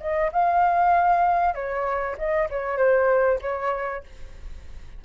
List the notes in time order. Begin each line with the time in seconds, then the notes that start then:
0.00 D#5
0.32 F5
1.54 C#5
2.18 D#5
2.50 C#5
2.77 C5
3.41 C#5